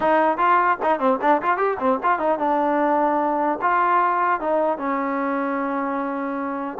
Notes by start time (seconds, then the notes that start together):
0.00 D#4
0.37 F4
0.82 D#4
0.99 C4
1.21 D4
1.42 F4
1.57 G4
1.79 C4
2.03 F4
2.18 D#4
2.39 D4
3.61 F4
4.40 D#4
4.77 C#4